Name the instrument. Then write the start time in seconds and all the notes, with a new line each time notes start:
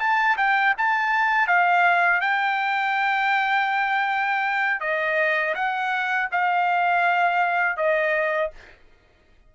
trumpet
0.00 A5
0.37 G5
0.78 A5
1.47 F5
2.22 G5
4.81 D#5
5.55 F#5
6.32 F5
7.77 D#5